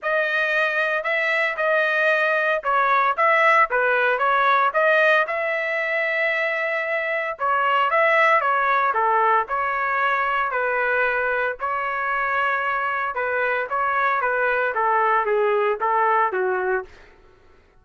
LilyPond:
\new Staff \with { instrumentName = "trumpet" } { \time 4/4 \tempo 4 = 114 dis''2 e''4 dis''4~ | dis''4 cis''4 e''4 b'4 | cis''4 dis''4 e''2~ | e''2 cis''4 e''4 |
cis''4 a'4 cis''2 | b'2 cis''2~ | cis''4 b'4 cis''4 b'4 | a'4 gis'4 a'4 fis'4 | }